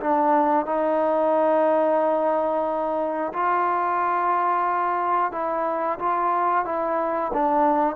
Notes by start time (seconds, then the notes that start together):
0.00 D4
0.66 D#4
3.33 F4
5.32 E4
5.99 F4
6.65 E4
7.33 D4